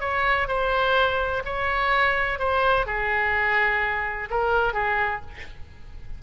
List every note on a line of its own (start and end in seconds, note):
0.00 0.48 C#5
0.48 1.43 C5
1.45 2.39 C#5
2.39 2.86 C5
2.86 4.29 G#4
4.30 4.73 A#4
4.73 5.21 G#4